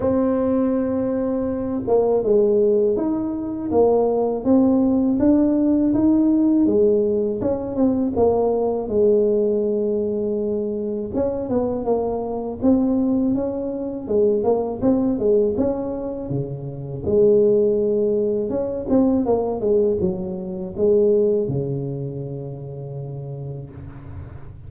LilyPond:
\new Staff \with { instrumentName = "tuba" } { \time 4/4 \tempo 4 = 81 c'2~ c'8 ais8 gis4 | dis'4 ais4 c'4 d'4 | dis'4 gis4 cis'8 c'8 ais4 | gis2. cis'8 b8 |
ais4 c'4 cis'4 gis8 ais8 | c'8 gis8 cis'4 cis4 gis4~ | gis4 cis'8 c'8 ais8 gis8 fis4 | gis4 cis2. | }